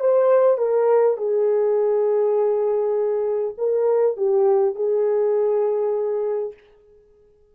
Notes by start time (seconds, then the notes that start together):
0.00 C5
0.58 A#4
1.17 G#4
3.58 A#4
4.17 G4
4.75 G#4